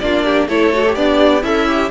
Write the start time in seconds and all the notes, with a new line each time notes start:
0.00 A#3 D4 F4 D5
0.25 G4
0.48 A3 E4 A4 C#5
0.74 F#4
0.87 G4
0.96 B3 D4 D5
1.42 C#4 E4 A4 E5
1.68 G4